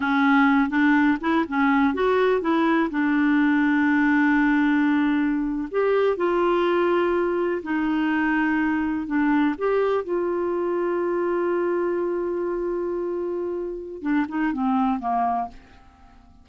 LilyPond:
\new Staff \with { instrumentName = "clarinet" } { \time 4/4 \tempo 4 = 124 cis'4. d'4 e'8 cis'4 | fis'4 e'4 d'2~ | d'2.~ d'8. g'16~ | g'8. f'2. dis'16~ |
dis'2~ dis'8. d'4 g'16~ | g'8. f'2.~ f'16~ | f'1~ | f'4 d'8 dis'8 c'4 ais4 | }